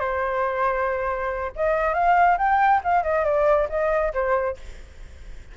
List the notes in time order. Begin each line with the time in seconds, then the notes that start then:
0.00 C5
1.56 D#5
1.94 F5
2.38 G5
2.84 F5
3.03 D#5
3.25 D5
3.70 D#5
4.14 C5